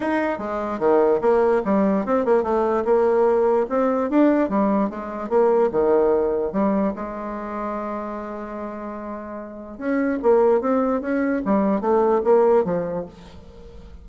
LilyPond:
\new Staff \with { instrumentName = "bassoon" } { \time 4/4 \tempo 4 = 147 dis'4 gis4 dis4 ais4 | g4 c'8 ais8 a4 ais4~ | ais4 c'4 d'4 g4 | gis4 ais4 dis2 |
g4 gis2.~ | gis1 | cis'4 ais4 c'4 cis'4 | g4 a4 ais4 f4 | }